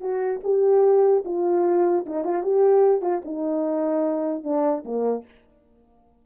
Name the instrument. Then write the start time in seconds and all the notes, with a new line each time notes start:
horn
0.00 F#4
0.43 G4
1.25 F4
2.06 D#4
2.24 F4
2.43 G4
3.01 F4
3.25 D#4
4.43 D4
4.84 A#3